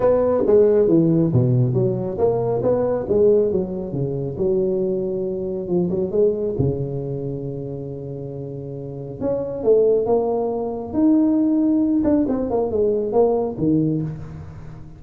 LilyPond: \new Staff \with { instrumentName = "tuba" } { \time 4/4 \tempo 4 = 137 b4 gis4 e4 b,4 | fis4 ais4 b4 gis4 | fis4 cis4 fis2~ | fis4 f8 fis8 gis4 cis4~ |
cis1~ | cis4 cis'4 a4 ais4~ | ais4 dis'2~ dis'8 d'8 | c'8 ais8 gis4 ais4 dis4 | }